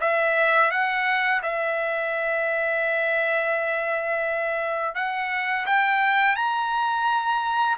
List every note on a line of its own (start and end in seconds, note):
0.00 0.70 E5
0.70 1.41 F#5
1.42 4.95 E5
4.95 5.65 F#5
5.66 6.35 G5
6.35 7.76 A#5